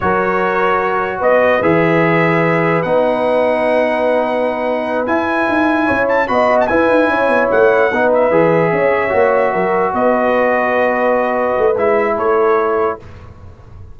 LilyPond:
<<
  \new Staff \with { instrumentName = "trumpet" } { \time 4/4 \tempo 4 = 148 cis''2. dis''4 | e''2. fis''4~ | fis''1~ | fis''8 gis''2~ gis''8 a''8 b''8~ |
b''16 a''16 gis''2 fis''4. | e''1~ | e''8 dis''2.~ dis''8~ | dis''4 e''4 cis''2 | }
  \new Staff \with { instrumentName = "horn" } { \time 4/4 ais'2. b'4~ | b'1~ | b'1~ | b'2~ b'8 cis''4 dis''8~ |
dis''8 b'4 cis''2 b'8~ | b'4. cis''2 ais'8~ | ais'8 b'2.~ b'8~ | b'2 a'2 | }
  \new Staff \with { instrumentName = "trombone" } { \time 4/4 fis'1 | gis'2. dis'4~ | dis'1~ | dis'8 e'2. fis'8~ |
fis'8 e'2. dis'8~ | dis'8 gis'2 fis'4.~ | fis'1~ | fis'4 e'2. | }
  \new Staff \with { instrumentName = "tuba" } { \time 4/4 fis2. b4 | e2. b4~ | b1~ | b8 e'4 dis'4 cis'4 b8~ |
b8 e'8 dis'8 cis'8 b8 a4 b8~ | b8 e4 cis'4 ais4 fis8~ | fis8 b2.~ b8~ | b8 a8 gis4 a2 | }
>>